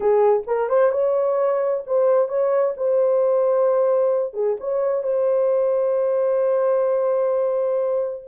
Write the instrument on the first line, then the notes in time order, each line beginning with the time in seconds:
horn
0.00 G#4
0.46 A#4
0.69 C5
0.91 C#5
1.86 C5
2.28 C#5
2.76 C5
4.33 G#4
4.59 C#5
5.03 C5